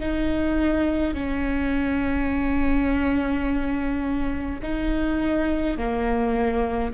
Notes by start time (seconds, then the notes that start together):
0.00 D#4
1.14 C#4
4.63 D#4
5.77 A#3